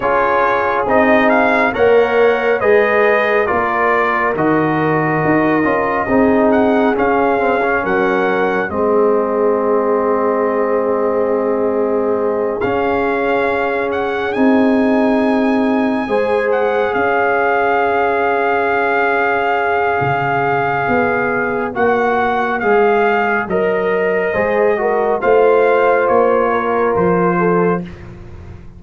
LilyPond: <<
  \new Staff \with { instrumentName = "trumpet" } { \time 4/4 \tempo 4 = 69 cis''4 dis''8 f''8 fis''4 dis''4 | d''4 dis''2~ dis''8 fis''8 | f''4 fis''4 dis''2~ | dis''2~ dis''8 f''4. |
fis''8 gis''2~ gis''8 fis''8 f''8~ | f''1~ | f''4 fis''4 f''4 dis''4~ | dis''4 f''4 cis''4 c''4 | }
  \new Staff \with { instrumentName = "horn" } { \time 4/4 gis'2 cis''4 b'4 | ais'2. gis'4~ | gis'4 ais'4 gis'2~ | gis'1~ |
gis'2~ gis'8 c''4 cis''8~ | cis''1~ | cis''1 | c''8 ais'8 c''4. ais'4 a'8 | }
  \new Staff \with { instrumentName = "trombone" } { \time 4/4 f'4 dis'4 ais'4 gis'4 | f'4 fis'4. f'8 dis'4 | cis'8 c'16 cis'4~ cis'16 c'2~ | c'2~ c'8 cis'4.~ |
cis'8 dis'2 gis'4.~ | gis'1~ | gis'4 fis'4 gis'4 ais'4 | gis'8 fis'8 f'2. | }
  \new Staff \with { instrumentName = "tuba" } { \time 4/4 cis'4 c'4 ais4 gis4 | ais4 dis4 dis'8 cis'8 c'4 | cis'4 fis4 gis2~ | gis2~ gis8 cis'4.~ |
cis'8 c'2 gis4 cis'8~ | cis'2. cis4 | b4 ais4 gis4 fis4 | gis4 a4 ais4 f4 | }
>>